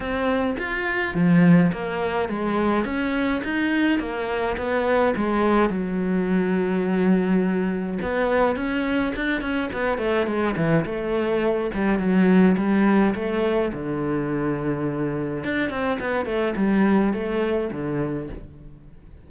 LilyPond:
\new Staff \with { instrumentName = "cello" } { \time 4/4 \tempo 4 = 105 c'4 f'4 f4 ais4 | gis4 cis'4 dis'4 ais4 | b4 gis4 fis2~ | fis2 b4 cis'4 |
d'8 cis'8 b8 a8 gis8 e8 a4~ | a8 g8 fis4 g4 a4 | d2. d'8 c'8 | b8 a8 g4 a4 d4 | }